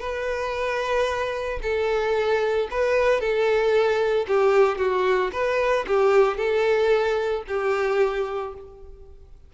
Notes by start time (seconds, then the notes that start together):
0.00 B4
1.62 A4
2.71 B4
3.20 A4
4.28 G4
4.78 F#4
5.32 B4
5.87 G4
6.37 A4
7.48 G4